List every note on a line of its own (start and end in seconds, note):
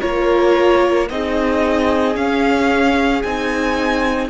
0.00 1.10 A#3
0.00 1.08 F4
0.00 1.07 A#4
0.00 1.08 C#5
1.09 2.16 C4
1.09 2.14 D#4
1.09 4.29 G#4
1.09 2.16 D#5
2.14 3.21 C#4
2.14 3.23 C#4
2.14 3.22 F5
3.22 4.29 C4
3.22 4.29 D#4
3.22 4.29 G#5